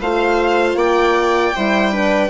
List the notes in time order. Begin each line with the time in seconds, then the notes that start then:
0.00 A3 F4 C5 F5
0.75 A#3 D5 G5
1.55 G3 E4 C5
1.92 D4 B4